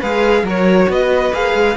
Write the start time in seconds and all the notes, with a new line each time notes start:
0.00 G#3 G#4 B4 F5
0.43 F#3 F#4 A#4
0.50 C#5
0.89 B3 B4 D#5
1.33 A#3 G#4 F5
1.54 G#3